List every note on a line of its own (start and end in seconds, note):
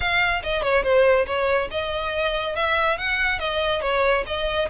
0.00 0.42 F5
0.43 0.62 D#5
0.62 0.83 C#5
0.83 1.26 C5
1.26 1.68 C#5
1.70 2.55 D#5
2.55 2.97 E5
2.97 3.39 F#5
3.39 3.81 D#5
3.81 4.24 C#5
4.26 4.68 D#5